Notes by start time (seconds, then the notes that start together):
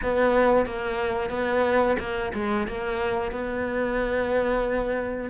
0.02 B3
0.66 A#3
1.30 B3
1.99 A#3
2.34 G#3
2.67 A#3
3.31 B3